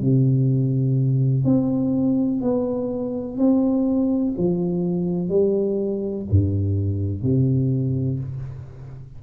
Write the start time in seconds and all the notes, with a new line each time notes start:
0.00 C3
1.45 C4
2.41 B3
3.37 C4
4.37 F3
5.29 G3
6.30 G2
7.23 C3